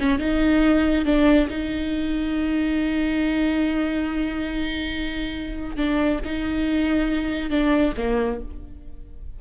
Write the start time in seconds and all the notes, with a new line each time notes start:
0.00 C#4
0.19 D#4
1.06 D4
1.50 D#4
5.77 D4
6.25 D#4
7.50 D4
7.97 A#3